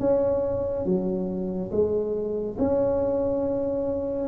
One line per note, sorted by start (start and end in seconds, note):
0.00 0.86 C#4
0.86 1.71 F#3
1.71 2.57 G#3
2.59 4.28 C#4